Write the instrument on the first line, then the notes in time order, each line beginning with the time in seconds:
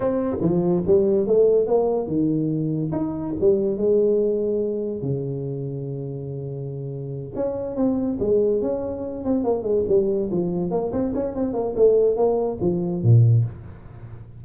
tuba
0.00 C4
0.41 F3
0.86 G3
1.26 A3
1.66 A#3
2.07 D#3
2.92 D#4
3.40 G3
3.77 G#3
5.02 C#3
7.35 C#4
7.76 C4
8.19 G#3
8.61 C#4
9.24 C4
9.44 A#3
9.62 G#3
9.88 G3
10.31 F3
10.71 A#3
10.92 C4
11.14 C#4
11.35 C4
11.53 A#3
11.76 A3
12.16 A#3
12.60 F3
13.03 A#2